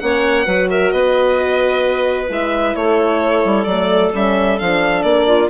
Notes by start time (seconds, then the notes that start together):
0.00 A#3 C#4 C#5 F#5
0.46 F#3 F#4 B4
0.71 A#4 E5
0.91 B3 B4 D#5
2.29 G#3 E4 E5
2.76 A3 A4 C#5
3.45 G3
3.65 F#3 A3 D5
4.13 G3 C#4 E5
4.59 F3 D4 F5
5.03 A#3 D5
5.28 F4